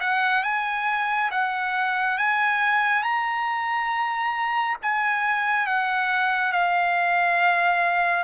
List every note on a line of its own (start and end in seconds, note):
0.00 0.43 F#5
0.43 1.30 G#5
1.31 2.18 F#5
2.18 3.03 G#5
3.03 4.77 A#5
4.82 5.67 G#5
5.67 6.52 F#5
6.52 8.24 F5